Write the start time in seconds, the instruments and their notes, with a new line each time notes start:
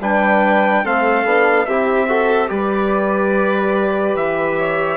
0.00 bassoon G3, trombone D4, violin B4, trumpet G5
0.84 bassoon A3, trombone C4, violin A4, trumpet F5
1.24 bassoon B3, trombone D4
1.66 bassoon C4, trombone E4, violin G4, trumpet E5
2.08 trombone F#4, violin A4
2.48 bassoon G3, trombone G4, violin B4, trumpet D5
4.15 bassoon E3, trumpet E5
4.58 violin C#5